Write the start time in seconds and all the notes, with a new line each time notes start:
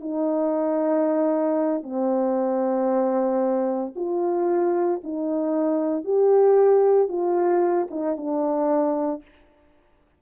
0.00 D#4
1.83 C4
3.95 F4
5.03 D#4
6.04 G4
7.08 F4
7.90 D#4
8.16 D4